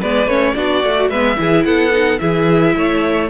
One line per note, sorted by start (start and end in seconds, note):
0.00 0.26 G#3
0.00 0.28 B3
0.00 0.55 B4
0.00 0.28 D5
0.26 0.54 A3
0.26 0.55 C#4
0.26 0.54 C#5
0.54 0.83 B3
0.54 0.82 D4
0.54 1.10 F#4
0.54 1.09 D5
0.83 1.10 A3
0.83 1.13 F#4
1.09 1.37 G#3
1.09 1.36 B3
1.09 1.37 B4
1.09 1.64 E5
1.36 1.65 E3
1.36 1.91 E4
1.36 1.66 G#4
1.65 2.19 B3
1.65 2.20 A4
1.65 2.19 F#5
1.92 2.20 D#4
2.19 2.75 E3
2.19 3.29 E4
2.19 2.76 G#4
2.19 3.28 E5
2.76 3.30 A3
2.76 3.30 C#5